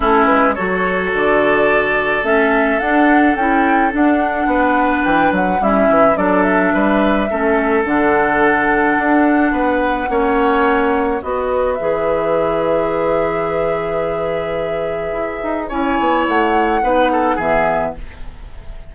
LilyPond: <<
  \new Staff \with { instrumentName = "flute" } { \time 4/4 \tempo 4 = 107 a'8 b'8 cis''4 d''2 | e''4 fis''4 g''4 fis''4~ | fis''4 g''8 fis''8 e''4 d''8 e''8~ | e''2 fis''2~ |
fis''1 | dis''4 e''2.~ | e''1 | gis''4 fis''2 e''4 | }
  \new Staff \with { instrumentName = "oboe" } { \time 4/4 e'4 a'2.~ | a'1 | b'2 e'4 a'4 | b'4 a'2.~ |
a'4 b'4 cis''2 | b'1~ | b'1 | cis''2 b'8 a'8 gis'4 | }
  \new Staff \with { instrumentName = "clarinet" } { \time 4/4 cis'4 fis'2. | cis'4 d'4 e'4 d'4~ | d'2 cis'4 d'4~ | d'4 cis'4 d'2~ |
d'2 cis'2 | fis'4 gis'2.~ | gis'1 | e'2 dis'4 b4 | }
  \new Staff \with { instrumentName = "bassoon" } { \time 4/4 a8 gis8 fis4 d2 | a4 d'4 cis'4 d'4 | b4 e8 fis8 g8 e8 fis4 | g4 a4 d2 |
d'4 b4 ais2 | b4 e2.~ | e2. e'8 dis'8 | cis'8 b8 a4 b4 e4 | }
>>